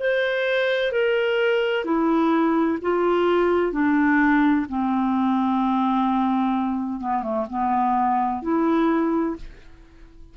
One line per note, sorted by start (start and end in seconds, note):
0.00 0.92 C5
0.92 1.85 A#4
1.85 2.79 E4
2.82 3.73 F4
3.73 4.67 D4
4.70 7.01 C4
7.01 7.23 B3
7.23 7.46 A3
7.50 8.42 B3
8.42 9.36 E4